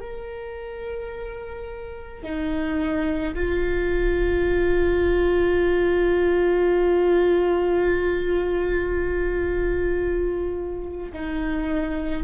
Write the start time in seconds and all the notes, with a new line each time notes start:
0.00 A#4
2.23 D#4
3.34 F4
11.13 D#4